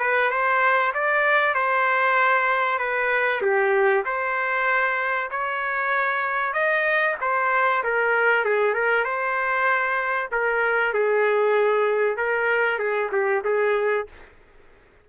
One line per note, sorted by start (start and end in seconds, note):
0.00 0.31 B4
0.31 0.93 C5
0.94 1.55 D5
1.55 2.79 C5
2.79 3.42 B4
3.42 4.05 G4
4.05 5.30 C5
5.31 6.53 C#5
6.53 7.16 D#5
7.21 7.84 C5
7.84 8.45 A#4
8.45 8.74 G#4
8.74 9.05 A#4
9.05 10.30 C5
10.32 10.94 A#4
10.94 12.17 G#4
12.17 12.79 A#4
12.79 13.11 G#4
13.12 13.43 G4
13.45 14.07 G#4